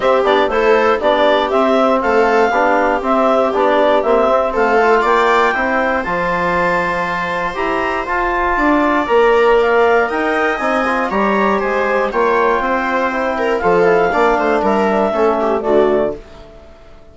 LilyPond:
<<
  \new Staff \with { instrumentName = "clarinet" } { \time 4/4 \tempo 4 = 119 e''8 d''8 c''4 d''4 e''4 | f''2 e''4 d''4 | e''4 f''4 g''2 | a''2. ais''4 |
a''2 ais''4 f''4 | g''4 gis''4 ais''4 gis''4 | g''2. f''4~ | f''4 e''2 d''4 | }
  \new Staff \with { instrumentName = "viola" } { \time 4/4 g'4 a'4 g'2 | a'4 g'2.~ | g'4 a'4 d''4 c''4~ | c''1~ |
c''4 d''2. | dis''2 cis''4 c''4 | cis''4 c''4. ais'8 a'4 | d''8 c''8 ais'4 a'8 g'8 fis'4 | }
  \new Staff \with { instrumentName = "trombone" } { \time 4/4 c'8 d'8 e'4 d'4 c'4~ | c'4 d'4 c'4 d'4 | c'4. f'4. e'4 | f'2. g'4 |
f'2 ais'2~ | ais'4 dis'8 f'8 g'2 | f'2 e'4 f'8 e'8 | d'2 cis'4 a4 | }
  \new Staff \with { instrumentName = "bassoon" } { \time 4/4 c'8 b8 a4 b4 c'4 | a4 b4 c'4 b4 | ais8 c'8 a4 ais4 c'4 | f2. e'4 |
f'4 d'4 ais2 | dis'4 c'4 g4 gis4 | ais4 c'2 f4 | ais8 a8 g4 a4 d4 | }
>>